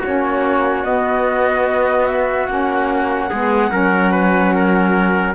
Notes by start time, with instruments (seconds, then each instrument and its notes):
0.00 saxophone C#4, trumpet F#4, flute C#5
0.07 cello A#3
0.85 cello B3, saxophone B3, flute D#5
2.07 flute E5
2.47 cello A#3, saxophone C#4, flute F#5
3.30 cello G#3, saxophone B3, trumpet G#4
3.70 cello F#3, saxophone C#4, trumpet A#4
4.12 trumpet B4
4.54 trumpet A#4